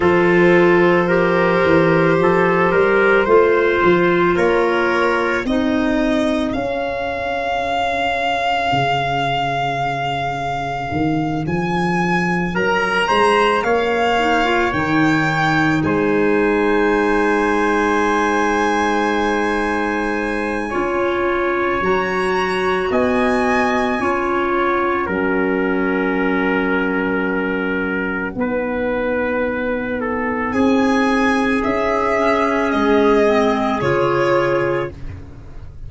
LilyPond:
<<
  \new Staff \with { instrumentName = "violin" } { \time 4/4 \tempo 4 = 55 c''1 | cis''4 dis''4 f''2~ | f''2~ f''8 gis''4 ais''8~ | ais''8 f''4 g''4 gis''4.~ |
gis''1 | ais''4 gis''4. fis''4.~ | fis''1 | gis''4 e''4 dis''4 cis''4 | }
  \new Staff \with { instrumentName = "trumpet" } { \time 4/4 a'4 ais'4 a'8 ais'8 c''4 | ais'4 gis'2.~ | gis'2.~ gis'8 ais'8 | c''8 cis''2 c''4.~ |
c''2. cis''4~ | cis''4 dis''4 cis''4 ais'4~ | ais'2 b'4. a'8 | gis'1 | }
  \new Staff \with { instrumentName = "clarinet" } { \time 4/4 f'4 g'2 f'4~ | f'4 dis'4 cis'2~ | cis'1~ | cis'4 dis'16 f'16 dis'2~ dis'8~ |
dis'2. f'4 | fis'2 f'4 cis'4~ | cis'2 dis'2~ | dis'4. cis'4 c'8 f'4 | }
  \new Staff \with { instrumentName = "tuba" } { \time 4/4 f4. e8 f8 g8 a8 f8 | ais4 c'4 cis'2 | cis2 dis8 f4 fis8 | gis8 ais4 dis4 gis4.~ |
gis2. cis'4 | fis4 b4 cis'4 fis4~ | fis2 b2 | c'4 cis'4 gis4 cis4 | }
>>